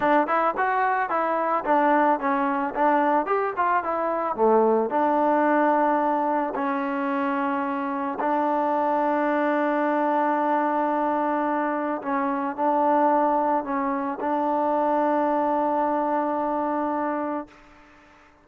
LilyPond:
\new Staff \with { instrumentName = "trombone" } { \time 4/4 \tempo 4 = 110 d'8 e'8 fis'4 e'4 d'4 | cis'4 d'4 g'8 f'8 e'4 | a4 d'2. | cis'2. d'4~ |
d'1~ | d'2 cis'4 d'4~ | d'4 cis'4 d'2~ | d'1 | }